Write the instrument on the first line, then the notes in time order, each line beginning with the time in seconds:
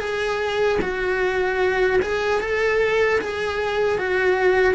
cello
0.00 G#4
0.82 F#4
2.03 G#4
2.41 A4
3.22 G#4
3.99 F#4